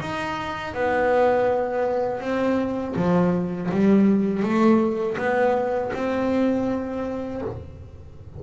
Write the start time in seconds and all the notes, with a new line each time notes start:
0.00 D#4
0.74 B3
2.21 C4
2.96 F3
3.71 G3
4.43 A3
5.18 B3
5.94 C4